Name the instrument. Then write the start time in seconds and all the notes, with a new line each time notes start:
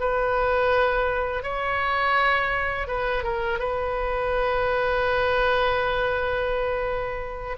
oboe
0.00 B4
1.43 C#5
2.88 B4
3.24 A#4
3.59 B4